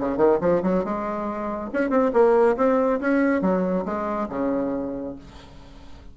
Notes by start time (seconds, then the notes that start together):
0.00 C#3
0.17 D#3
0.41 F3
0.63 F#3
0.84 G#3
1.73 C#4
1.90 C4
2.13 A#3
2.57 C4
3.00 C#4
3.41 F#3
3.85 G#3
4.29 C#3